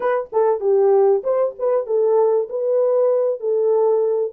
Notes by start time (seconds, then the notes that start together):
0.00 B4
0.32 A4
0.60 G4
1.23 C5
1.59 B4
1.86 A4
2.49 B4
3.40 A4